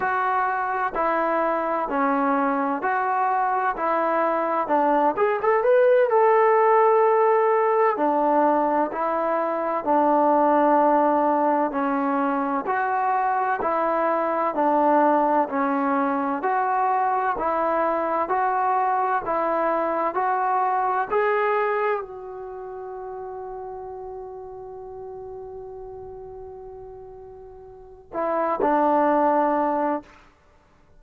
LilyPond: \new Staff \with { instrumentName = "trombone" } { \time 4/4 \tempo 4 = 64 fis'4 e'4 cis'4 fis'4 | e'4 d'8 gis'16 a'16 b'8 a'4.~ | a'8 d'4 e'4 d'4.~ | d'8 cis'4 fis'4 e'4 d'8~ |
d'8 cis'4 fis'4 e'4 fis'8~ | fis'8 e'4 fis'4 gis'4 fis'8~ | fis'1~ | fis'2 e'8 d'4. | }